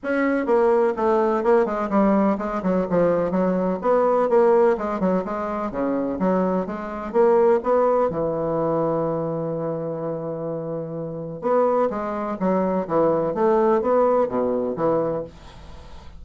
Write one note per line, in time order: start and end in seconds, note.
0.03 0.46 C#4
0.46 0.93 A#3
0.96 1.43 A3
1.43 1.65 A#3
1.65 1.89 G#3
1.89 2.37 G3
2.38 2.62 G#3
2.62 2.86 F#3
2.89 3.31 F3
3.31 3.79 F#3
3.81 4.29 B3
4.29 4.76 A#3
4.77 5.00 G#3
5.00 5.23 F#3
5.24 5.71 G#3
5.71 6.18 C#3
6.19 6.66 F#3
6.66 7.12 G#3
7.12 7.60 A#3
7.63 8.10 B3
8.10 11.41 E3
11.41 11.89 B3
11.90 12.37 G#3
12.39 12.87 F#3
12.87 13.34 E3
13.34 13.81 A3
13.81 14.28 B3
14.28 14.76 B2
14.76 15.24 E3